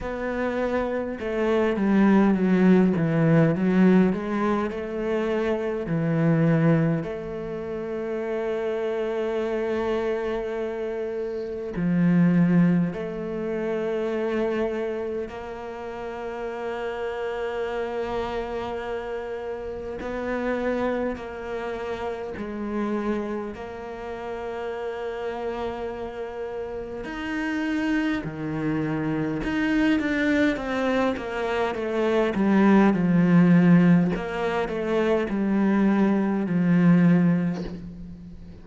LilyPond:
\new Staff \with { instrumentName = "cello" } { \time 4/4 \tempo 4 = 51 b4 a8 g8 fis8 e8 fis8 gis8 | a4 e4 a2~ | a2 f4 a4~ | a4 ais2.~ |
ais4 b4 ais4 gis4 | ais2. dis'4 | dis4 dis'8 d'8 c'8 ais8 a8 g8 | f4 ais8 a8 g4 f4 | }